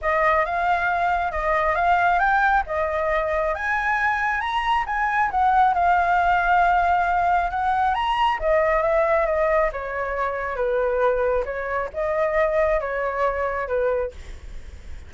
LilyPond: \new Staff \with { instrumentName = "flute" } { \time 4/4 \tempo 4 = 136 dis''4 f''2 dis''4 | f''4 g''4 dis''2 | gis''2 ais''4 gis''4 | fis''4 f''2.~ |
f''4 fis''4 ais''4 dis''4 | e''4 dis''4 cis''2 | b'2 cis''4 dis''4~ | dis''4 cis''2 b'4 | }